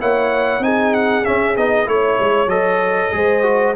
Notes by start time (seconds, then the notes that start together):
0.00 A#3 E4 C#5 F#5
0.59 C4 D#4 G#4 G#5
0.94 F#5
1.24 C#4 E5
1.56 B3 D#4 D#5
1.86 A3 E4 C#5
2.19 G#3
2.46 F#3 A4 D#5
3.11 G#3 G#4 C5
3.43 F#4